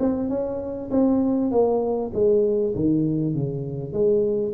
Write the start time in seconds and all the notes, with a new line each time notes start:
0.00 C4
0.30 C#4
0.91 C4
1.52 A#3
2.14 G#3
2.76 D#3
3.35 C#3
3.93 G#3